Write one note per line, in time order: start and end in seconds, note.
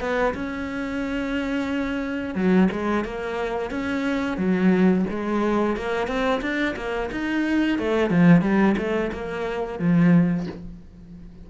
0.00 0.34 B3
0.34 2.35 C#4
2.35 2.69 F#3
2.72 3.05 G#3
3.05 3.71 A#3
3.71 4.38 C#4
4.38 5.05 F#3
5.10 5.77 G#3
5.77 6.07 A#3
6.07 6.41 C4
6.41 6.75 D4
6.76 7.10 A#3
7.12 7.79 D#4
7.79 8.10 A3
8.10 8.41 F3
8.41 8.75 G3
8.78 9.11 A3
9.12 9.79 A#3
9.79 10.47 F3